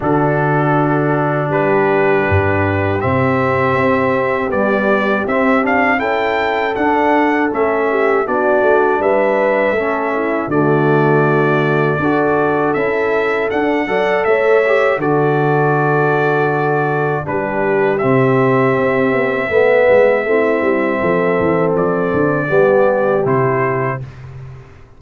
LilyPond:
<<
  \new Staff \with { instrumentName = "trumpet" } { \time 4/4 \tempo 4 = 80 a'2 b'2 | e''2 d''4 e''8 f''8 | g''4 fis''4 e''4 d''4 | e''2 d''2~ |
d''4 e''4 fis''4 e''4 | d''2. b'4 | e''1~ | e''4 d''2 c''4 | }
  \new Staff \with { instrumentName = "horn" } { \time 4/4 fis'2 g'2~ | g'1 | a'2~ a'8 g'8 fis'4 | b'4 a'8 e'8 fis'2 |
a'2~ a'8 d''8 cis''4 | a'2. g'4~ | g'2 b'4 e'4 | a'2 g'2 | }
  \new Staff \with { instrumentName = "trombone" } { \time 4/4 d'1 | c'2 g4 c'8 d'8 | e'4 d'4 cis'4 d'4~ | d'4 cis'4 a2 |
fis'4 e'4 d'8 a'4 g'8 | fis'2. d'4 | c'2 b4 c'4~ | c'2 b4 e'4 | }
  \new Staff \with { instrumentName = "tuba" } { \time 4/4 d2 g4 g,4 | c4 c'4 b4 c'4 | cis'4 d'4 a4 b8 a8 | g4 a4 d2 |
d'4 cis'4 d'8 fis8 a4 | d2. g4 | c4 c'8 b8 a8 gis8 a8 g8 | f8 e8 f8 d8 g4 c4 | }
>>